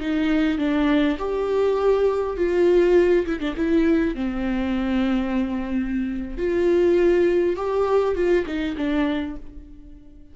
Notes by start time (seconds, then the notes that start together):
0.00 D#4
0.58 D4
1.18 G4
2.37 F4
3.26 E4
3.40 D4
3.56 E4
4.15 C4
6.38 F4
7.56 G4
8.15 F4
8.46 D#4
8.77 D4